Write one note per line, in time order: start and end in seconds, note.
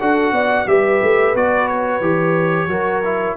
0.00 0.31 D4
0.00 0.67 F#4
0.00 0.34 A4
0.00 0.68 F#5
0.31 0.65 B3
0.31 0.67 D5
0.66 1.00 G3
0.66 1.35 G4
0.66 2.70 B4
0.66 1.35 E5
1.02 1.35 A3
1.35 2.00 B3
1.35 2.01 F#4
1.35 1.68 D5
1.68 3.36 C#5
2.00 2.67 E3
2.00 2.69 G4
2.67 3.34 F#3
2.67 3.03 F#4
2.67 3.37 A#4
3.04 3.37 E4